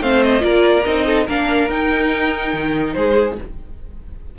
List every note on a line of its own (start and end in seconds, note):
0.00 0.42 A3
0.00 0.40 C4
0.00 0.42 C5
0.00 0.23 F5
0.23 0.44 D#5
0.40 0.85 A#3
0.40 0.81 F4
0.40 1.05 A#4
0.40 0.85 D5
0.85 1.28 C4
0.85 1.28 D#4
0.85 1.27 D#5
1.06 1.26 A4
1.26 1.69 A#3
1.26 1.69 D4
1.26 2.94 A#4
1.26 1.70 F5
1.69 2.52 D#4
1.69 3.37 D#4
1.69 2.93 G5
2.53 2.94 D#3
2.93 3.38 G#3
2.93 3.38 G#4
2.93 3.35 C5